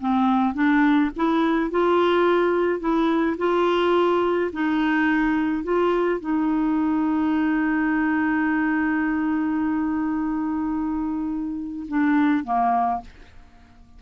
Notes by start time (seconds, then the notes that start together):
0.00 C4
0.54 D4
1.16 E4
1.70 F4
2.80 E4
3.38 F4
4.53 D#4
5.63 F4
6.20 D#4
11.88 D4
12.44 A#3